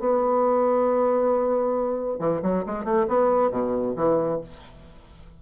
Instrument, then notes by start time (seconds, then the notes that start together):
bassoon
0.00 B3
2.20 E3
2.43 F#3
2.66 G#3
2.85 A3
3.08 B3
3.51 B2
3.96 E3